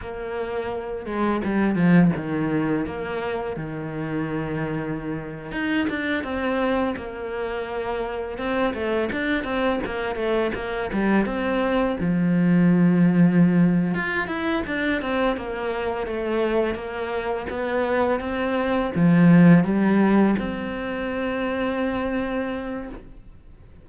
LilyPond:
\new Staff \with { instrumentName = "cello" } { \time 4/4 \tempo 4 = 84 ais4. gis8 g8 f8 dis4 | ais4 dis2~ dis8. dis'16~ | dis'16 d'8 c'4 ais2 c'16~ | c'16 a8 d'8 c'8 ais8 a8 ais8 g8 c'16~ |
c'8. f2~ f8. f'8 | e'8 d'8 c'8 ais4 a4 ais8~ | ais8 b4 c'4 f4 g8~ | g8 c'2.~ c'8 | }